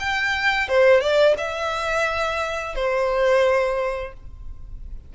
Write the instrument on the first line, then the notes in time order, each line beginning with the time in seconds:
violin
0.00 G5
0.69 C5
1.01 D5
1.38 E5
2.76 C5